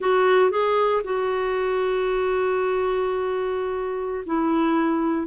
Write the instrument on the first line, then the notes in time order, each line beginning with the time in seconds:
clarinet
0.00 F#4
0.50 G#4
1.04 F#4
4.26 E4